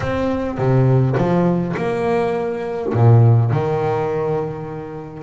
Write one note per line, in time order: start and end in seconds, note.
0.00 0.57 C4
0.57 1.16 C3
1.17 1.75 F3
1.76 2.93 A#3
2.93 3.51 A#2
3.51 5.22 D#3